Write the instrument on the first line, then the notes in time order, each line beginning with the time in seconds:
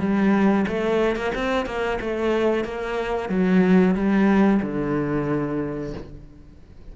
cello
0.00 G3
0.68 A3
1.16 A#3
1.35 C4
1.66 A#3
2.01 A3
2.65 A#3
3.29 F#3
3.95 G3
4.62 D3